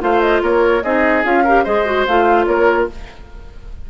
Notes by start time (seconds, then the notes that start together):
0.00 A3 F4 C5 F5
0.20 D#5
0.41 A#3 A#4 C#5
0.83 C4 D#4 G#4 D#5
1.23 C#4 F4 F5
1.43 G4 A#4
1.63 G#3 G#4 C5 D#5
1.85 F#4
2.06 A3 F4 F5
2.45 A#3 A#4 C#5